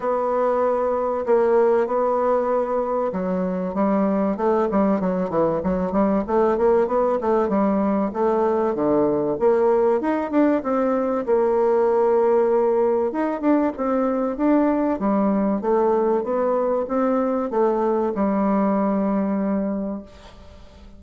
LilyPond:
\new Staff \with { instrumentName = "bassoon" } { \time 4/4 \tempo 4 = 96 b2 ais4 b4~ | b4 fis4 g4 a8 g8 | fis8 e8 fis8 g8 a8 ais8 b8 a8 | g4 a4 d4 ais4 |
dis'8 d'8 c'4 ais2~ | ais4 dis'8 d'8 c'4 d'4 | g4 a4 b4 c'4 | a4 g2. | }